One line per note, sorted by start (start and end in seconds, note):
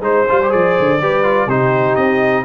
0.00 0.24 G#3
0.00 0.26 D#4
0.00 0.52 C5
0.00 1.02 C5
0.29 0.54 G3
0.29 0.42 F4
0.43 0.50 G4
0.50 0.79 F3
0.50 0.98 G#4
0.50 1.50 D5
0.79 1.01 D3
1.01 1.47 G3
1.01 1.24 G4
1.01 1.47 B4
1.24 1.48 F4
1.47 1.96 C3
1.47 2.45 D#4
1.47 2.45 G4
1.47 1.96 C5
1.96 2.45 C4
1.96 2.45 D#5